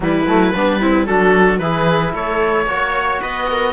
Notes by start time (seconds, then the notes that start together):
0.00 E3 G3 E4 B4
0.26 F#3 A3
0.54 G3 B3 D4
0.80 C4 E4
1.06 F#3 D4 F#4 A4
1.58 E3 E4 G#4 B4
2.13 A3 A4 C#5
2.66 A#3 F#4 C#5
3.21 B3 B4 D#5
3.50 A#4